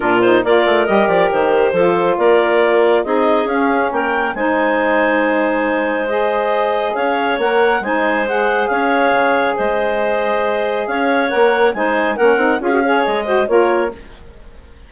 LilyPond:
<<
  \new Staff \with { instrumentName = "clarinet" } { \time 4/4 \tempo 4 = 138 ais'8 c''8 d''4 dis''8 d''8 c''4~ | c''4 d''2 dis''4 | f''4 g''4 gis''2~ | gis''2 dis''2 |
f''4 fis''4 gis''4 fis''4 | f''2 dis''2~ | dis''4 f''4 fis''4 gis''4 | fis''4 f''4 dis''4 cis''4 | }
  \new Staff \with { instrumentName = "clarinet" } { \time 4/4 f'4 ais'2. | a'4 ais'2 gis'4~ | gis'4 ais'4 c''2~ | c''1 |
cis''2 c''2 | cis''2 c''2~ | c''4 cis''2 c''4 | ais'4 gis'8 cis''4 c''8 ais'4 | }
  \new Staff \with { instrumentName = "saxophone" } { \time 4/4 d'8 dis'8 f'4 g'2 | f'2. dis'4 | cis'2 dis'2~ | dis'2 gis'2~ |
gis'4 ais'4 dis'4 gis'4~ | gis'1~ | gis'2 ais'4 dis'4 | cis'8 dis'8 f'16 fis'16 gis'4 fis'8 f'4 | }
  \new Staff \with { instrumentName = "bassoon" } { \time 4/4 ais,4 ais8 a8 g8 f8 dis4 | f4 ais2 c'4 | cis'4 ais4 gis2~ | gis1 |
cis'4 ais4 gis2 | cis'4 cis4 gis2~ | gis4 cis'4 ais4 gis4 | ais8 c'8 cis'4 gis4 ais4 | }
>>